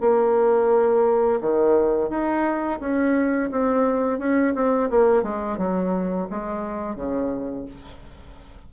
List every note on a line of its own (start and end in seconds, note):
0.00 1.40 A#3
1.40 2.09 D#3
2.09 2.79 D#4
2.80 3.50 C#4
3.51 4.19 C4
4.19 4.53 C#4
4.54 4.89 C4
4.90 5.23 A#3
5.23 5.58 G#3
5.58 6.27 F#3
6.29 6.95 G#3
6.95 7.65 C#3